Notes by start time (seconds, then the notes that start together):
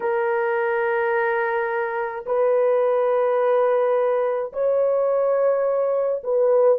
0.00 A#4
2.25 B4
4.53 C#5
6.23 B4